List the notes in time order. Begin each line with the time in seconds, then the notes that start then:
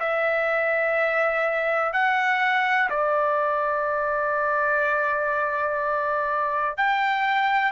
0.00 E5
1.93 F#5
2.90 D5
6.77 G5